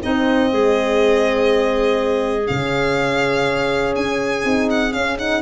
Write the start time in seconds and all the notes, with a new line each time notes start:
0.00 C4 D#4 D#5
0.51 G#3 G#4
2.47 C#3 C#4 F5
3.96 C#4 G#5
4.44 C4 D#4
4.70 F#5
4.93 C#4 F5
5.19 D#4 F#5